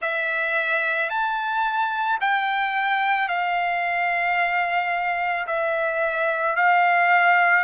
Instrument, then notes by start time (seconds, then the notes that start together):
trumpet
0.01 E5
1.09 A5
2.20 G5
3.28 F5
5.46 E5
6.56 F5